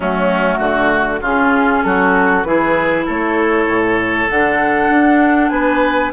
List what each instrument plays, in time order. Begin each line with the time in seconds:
0.00 bassoon F#3, clarinet A3, oboe C#4, flute F#4
0.58 bassoon D3, oboe F#4
1.21 bassoon C#3, clarinet C#4, oboe F4, flute G#4
1.83 bassoon F#3, oboe F#4, flute A4
2.43 bassoon E3, clarinet E4, oboe G#4, flute B4
3.05 bassoon A3, oboe A4, flute C#5
3.66 bassoon A2
4.29 bassoon D3, clarinet D4, flute F#5
4.89 bassoon D4
5.49 bassoon B3, oboe B4, flute G#5